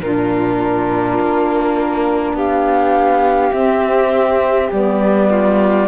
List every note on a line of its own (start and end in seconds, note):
0.00 1.18 A#2
0.00 3.52 D4
0.00 2.35 F4
0.00 2.36 A#4
1.20 2.33 A#3
2.33 3.51 B3
2.33 5.29 G4
2.33 3.53 F5
3.52 4.70 C4
3.52 4.70 E5
4.72 5.87 G3
4.72 5.87 B3
4.72 5.87 D5
5.30 5.87 F4